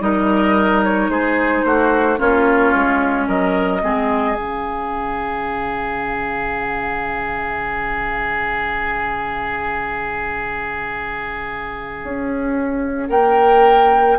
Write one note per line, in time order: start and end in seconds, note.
0.00 1.09 G3
0.00 2.18 D#4
0.00 1.11 A#4
0.00 0.84 D#5
0.84 1.11 C#5
1.09 1.64 G#3
1.09 1.66 G#4
1.09 2.20 C5
1.65 2.20 A3
1.65 2.20 F#4
2.18 2.75 A#3
2.18 3.82 C#4
2.18 3.28 F4
2.18 3.28 C#5
2.75 3.28 G#3
3.28 3.83 F#3
3.28 3.82 A#4
3.28 4.36 D#5
3.83 4.37 G#3
3.83 4.36 C4
3.83 13.09 G#4
4.36 12.01 C#3
4.36 14.17 C#4
4.36 13.09 F5
12.04 13.10 C#4
13.09 14.19 A#3
13.09 14.18 A#4
13.09 14.19 G5